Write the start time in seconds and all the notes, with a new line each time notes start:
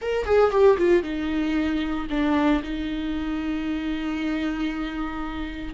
0.01 A#4
0.25 G#4
0.51 G4
0.77 F4
1.02 D#4
2.10 D4
2.63 D#4